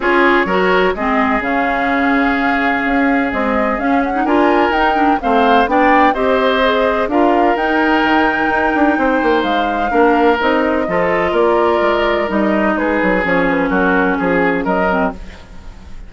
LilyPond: <<
  \new Staff \with { instrumentName = "flute" } { \time 4/4 \tempo 4 = 127 cis''2 dis''4 f''4~ | f''2. dis''4 | f''8 fis''8 gis''4 g''4 f''4 | g''4 dis''2 f''4 |
g''1 | f''2 dis''2 | d''2 dis''4 b'4 | cis''8 b'8 ais'4 gis'4 dis''4 | }
  \new Staff \with { instrumentName = "oboe" } { \time 4/4 gis'4 ais'4 gis'2~ | gis'1~ | gis'4 ais'2 c''4 | d''4 c''2 ais'4~ |
ais'2. c''4~ | c''4 ais'2 a'4 | ais'2. gis'4~ | gis'4 fis'4 gis'4 ais'4 | }
  \new Staff \with { instrumentName = "clarinet" } { \time 4/4 f'4 fis'4 c'4 cis'4~ | cis'2. gis4 | cis'8. dis'16 f'4 dis'8 d'8 c'4 | d'4 g'4 gis'4 f'4 |
dis'1~ | dis'4 d'4 dis'4 f'4~ | f'2 dis'2 | cis'2.~ cis'8 c'8 | }
  \new Staff \with { instrumentName = "bassoon" } { \time 4/4 cis'4 fis4 gis4 cis4~ | cis2 cis'4 c'4 | cis'4 d'4 dis'4 a4 | b4 c'2 d'4 |
dis'4 dis4 dis'8 d'8 c'8 ais8 | gis4 ais4 c'4 f4 | ais4 gis4 g4 gis8 fis8 | f4 fis4 f4 fis4 | }
>>